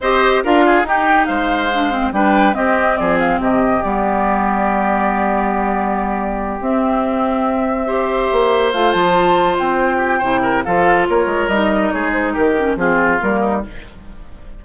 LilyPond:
<<
  \new Staff \with { instrumentName = "flute" } { \time 4/4 \tempo 4 = 141 dis''4 f''4 g''4 f''4~ | f''4 g''4 dis''4 d''8 f''8 | dis''4 d''2.~ | d''2.~ d''8 e''8~ |
e''1~ | e''8 f''8 a''4. g''4.~ | g''4 f''4 cis''4 dis''4 | cis''8 c''8 ais'4 gis'4 ais'4 | }
  \new Staff \with { instrumentName = "oboe" } { \time 4/4 c''4 ais'8 gis'8 g'4 c''4~ | c''4 b'4 g'4 gis'4 | g'1~ | g'1~ |
g'2~ g'8 c''4.~ | c''2.~ c''8 g'8 | c''8 ais'8 a'4 ais'2 | gis'4 g'4 f'4. dis'8 | }
  \new Staff \with { instrumentName = "clarinet" } { \time 4/4 g'4 f'4 dis'2 | d'8 c'8 d'4 c'2~ | c'4 b2.~ | b2.~ b8 c'8~ |
c'2~ c'8 g'4.~ | g'8 f'2.~ f'8 | e'4 f'2 dis'4~ | dis'4. cis'8 c'4 ais4 | }
  \new Staff \with { instrumentName = "bassoon" } { \time 4/4 c'4 d'4 dis'4 gis4~ | gis4 g4 c'4 f4 | c4 g2.~ | g2.~ g8 c'8~ |
c'2.~ c'8 ais8~ | ais8 a8 f4. c'4. | c4 f4 ais8 gis8 g4 | gis4 dis4 f4 g4 | }
>>